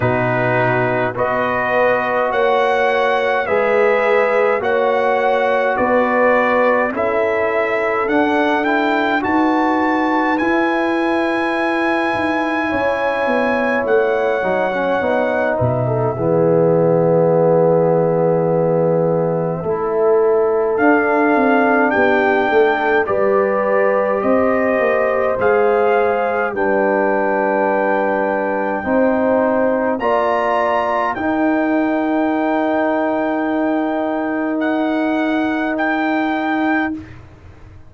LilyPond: <<
  \new Staff \with { instrumentName = "trumpet" } { \time 4/4 \tempo 4 = 52 b'4 dis''4 fis''4 e''4 | fis''4 d''4 e''4 fis''8 g''8 | a''4 gis''2. | fis''4. e''2~ e''8~ |
e''2 f''4 g''4 | d''4 dis''4 f''4 g''4~ | g''2 ais''4 g''4~ | g''2 fis''4 g''4 | }
  \new Staff \with { instrumentName = "horn" } { \time 4/4 fis'4 b'4 cis''4 b'4 | cis''4 b'4 a'2 | b'2. cis''4~ | cis''4. b'16 a'16 gis'2~ |
gis'4 a'2 g'8 a'8 | b'4 c''2 b'4~ | b'4 c''4 d''4 ais'4~ | ais'1 | }
  \new Staff \with { instrumentName = "trombone" } { \time 4/4 dis'4 fis'2 gis'4 | fis'2 e'4 d'8 e'8 | fis'4 e'2.~ | e'8 dis'16 cis'16 dis'4 b2~ |
b4 e'4 d'2 | g'2 gis'4 d'4~ | d'4 dis'4 f'4 dis'4~ | dis'1 | }
  \new Staff \with { instrumentName = "tuba" } { \time 4/4 b,4 b4 ais4 gis4 | ais4 b4 cis'4 d'4 | dis'4 e'4. dis'8 cis'8 b8 | a8 fis8 b8 b,8 e2~ |
e4 a4 d'8 c'8 b8 a8 | g4 c'8 ais8 gis4 g4~ | g4 c'4 ais4 dis'4~ | dis'1 | }
>>